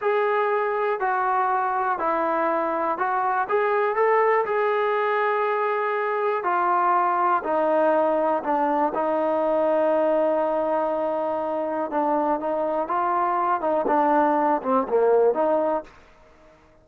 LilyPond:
\new Staff \with { instrumentName = "trombone" } { \time 4/4 \tempo 4 = 121 gis'2 fis'2 | e'2 fis'4 gis'4 | a'4 gis'2.~ | gis'4 f'2 dis'4~ |
dis'4 d'4 dis'2~ | dis'1 | d'4 dis'4 f'4. dis'8 | d'4. c'8 ais4 dis'4 | }